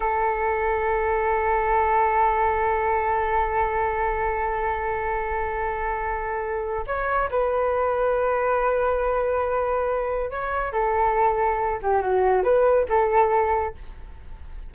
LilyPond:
\new Staff \with { instrumentName = "flute" } { \time 4/4 \tempo 4 = 140 a'1~ | a'1~ | a'1~ | a'1 |
cis''4 b'2.~ | b'1 | cis''4 a'2~ a'8 g'8 | fis'4 b'4 a'2 | }